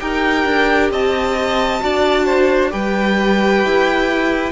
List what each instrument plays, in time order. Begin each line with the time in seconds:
0.00 cello D#4, viola G4, violin A#4 G5
0.45 cello D4
0.91 cello C4, violin D#5 A5
1.80 cello D4, viola F#4, violin D5
2.25 violin C5
2.70 cello G3, viola G4, violin B4 G5
3.65 cello E4